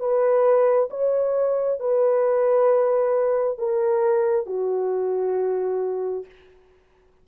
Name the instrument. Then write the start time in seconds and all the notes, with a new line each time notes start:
horn
0.00 B4
0.90 C#5
1.80 B4
3.59 A#4
4.47 F#4